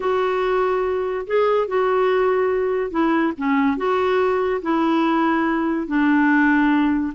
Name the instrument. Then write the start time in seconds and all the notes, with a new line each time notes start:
clarinet
0.00 F#4
1.26 G#4
1.67 F#4
2.90 E4
3.37 C#4
3.77 F#4
4.62 E4
5.87 D4